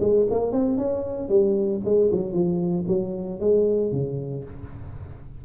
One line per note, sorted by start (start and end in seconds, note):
0.00 0.26 G#3
0.30 0.52 A#3
0.52 0.78 C4
0.78 1.29 C#4
1.29 1.81 G3
1.84 2.10 G#3
2.12 2.32 F#3
2.32 2.85 F3
2.87 3.40 F#3
3.40 3.92 G#3
3.92 4.44 C#3